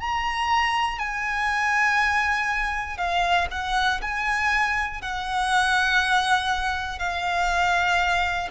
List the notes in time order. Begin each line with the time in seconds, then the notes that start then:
0.00 A#5
0.99 G#5
2.98 F5
3.51 F#5
4.02 G#5
5.02 F#5
6.99 F5